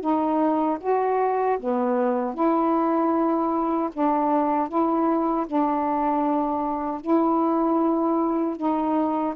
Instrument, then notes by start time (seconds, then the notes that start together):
saxophone
0.00 D#4
0.80 F#4
1.59 B3
2.34 E4
3.92 D4
4.68 E4
5.46 D4
7.01 E4
8.56 D#4